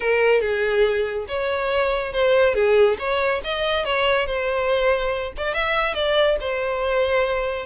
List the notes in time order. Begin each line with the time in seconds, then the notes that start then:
0.00 A#4
0.41 G#4
1.27 C#5
2.13 C5
2.54 G#4
2.98 C#5
3.44 D#5
3.85 C#5
4.26 C5
5.37 D5
5.54 E5
5.94 D5
6.40 C5